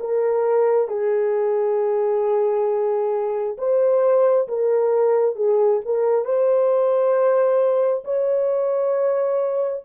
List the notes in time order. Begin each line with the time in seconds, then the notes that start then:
0.00 A#4
0.88 G#4
3.58 C5
4.49 A#4
5.36 G#4
5.86 A#4
6.25 C5
8.05 C#5